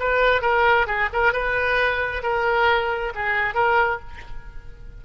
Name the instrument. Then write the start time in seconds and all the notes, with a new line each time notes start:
oboe
0.00 B4
0.42 A#4
0.87 G#4
1.13 A#4
1.33 B4
2.23 A#4
3.15 G#4
3.55 A#4